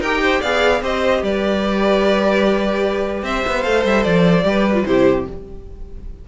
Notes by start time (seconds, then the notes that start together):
0.00 D#4 G4 A#4 G5
0.22 C5
0.40 B3 G#4 D5 F5
0.81 C4 G4 C5 D#5
1.22 G3 B4 D5
3.22 C4 C5 E5
3.47 B3
3.62 A3 A4 F5
3.85 G3 E5
4.03 F3 D5
4.43 G3 G4 B4
4.74 F4
4.85 C3 E4 G4 C5